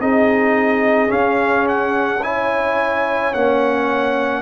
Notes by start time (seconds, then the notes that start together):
0.00 C4 D#4 G#4 D#5
1.08 C#4 F5
1.68 F#5
2.23 E4 C#5 G#5
3.34 A#3 C#4 F#5